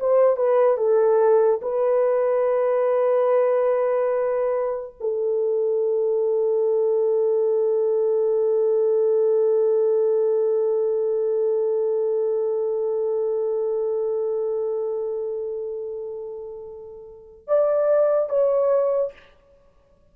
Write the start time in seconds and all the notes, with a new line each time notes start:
0.00 C5
0.37 B4
0.78 A4
1.62 B4
5.00 A4
17.48 D5
18.30 C#5